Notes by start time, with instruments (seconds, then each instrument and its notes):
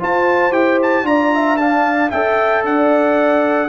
0.00 trombone F4, tuba F4, horn C5, trumpet A5
0.52 tuba E4, trombone G4, trumpet G5
0.83 trumpet A5
1.04 tuba D4, trombone F4, horn D5, trumpet A#5
1.35 horn E5
1.57 trombone D4, horn F5, trumpet A5
2.11 tuba C#4, trombone A4, horn E5, trumpet G5
2.65 tuba D4, horn D5, trumpet F#5